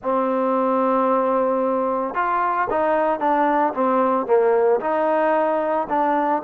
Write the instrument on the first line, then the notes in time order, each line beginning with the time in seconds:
trombone
0.02 C4
2.14 F4
2.70 D#4
3.19 D4
3.74 C4
4.26 A#3
4.80 D#4
5.89 D4